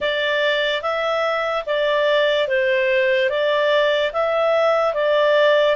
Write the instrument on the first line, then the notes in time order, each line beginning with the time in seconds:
clarinet
0.00 D5
0.82 E5
1.66 D5
2.48 C5
3.29 D5
4.12 E5
4.94 D5